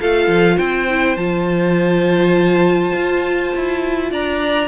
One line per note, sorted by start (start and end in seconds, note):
0.00 0.27 A3
0.00 0.88 F4
0.00 0.56 A4
0.00 0.58 F5
0.27 0.57 F3
0.56 1.16 C4
0.56 4.09 C5
0.56 1.16 G5
0.89 1.18 E4
1.16 2.93 F3
1.16 4.68 F4
1.16 4.11 A5
2.94 3.52 F4
3.56 4.12 E4
4.11 4.68 D4
4.11 4.68 D5
4.11 4.68 A#5